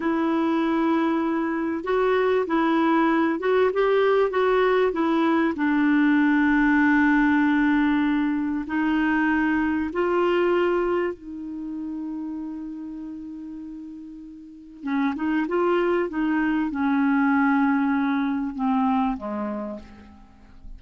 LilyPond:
\new Staff \with { instrumentName = "clarinet" } { \time 4/4 \tempo 4 = 97 e'2. fis'4 | e'4. fis'8 g'4 fis'4 | e'4 d'2.~ | d'2 dis'2 |
f'2 dis'2~ | dis'1 | cis'8 dis'8 f'4 dis'4 cis'4~ | cis'2 c'4 gis4 | }